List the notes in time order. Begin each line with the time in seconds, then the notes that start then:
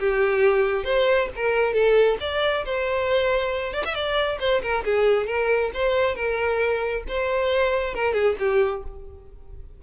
0.00 G4
0.84 C5
1.36 A#4
1.73 A4
2.21 D5
2.65 C5
3.73 D5
3.85 E5
3.95 D5
4.40 C5
4.62 A#4
4.85 G#4
5.27 A#4
5.74 C5
6.15 A#4
7.08 C5
7.95 A#4
8.14 G#4
8.39 G4